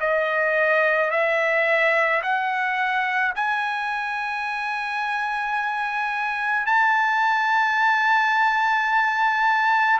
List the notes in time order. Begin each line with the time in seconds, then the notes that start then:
0.00 D#5
1.11 E5
2.22 F#5
3.35 G#5
6.66 A5